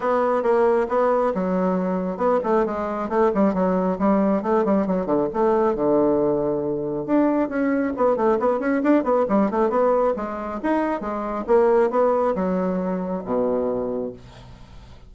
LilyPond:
\new Staff \with { instrumentName = "bassoon" } { \time 4/4 \tempo 4 = 136 b4 ais4 b4 fis4~ | fis4 b8 a8 gis4 a8 g8 | fis4 g4 a8 g8 fis8 d8 | a4 d2. |
d'4 cis'4 b8 a8 b8 cis'8 | d'8 b8 g8 a8 b4 gis4 | dis'4 gis4 ais4 b4 | fis2 b,2 | }